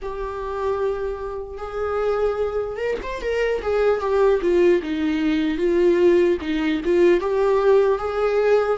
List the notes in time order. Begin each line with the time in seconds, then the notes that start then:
0.01 G4
1.57 G#4
2.76 A#4
3.03 C5
3.21 A#4
3.62 G#4
4.00 G4
4.41 F4
4.82 D#4
5.57 F4
6.41 D#4
6.84 F4
7.20 G4
7.98 G#4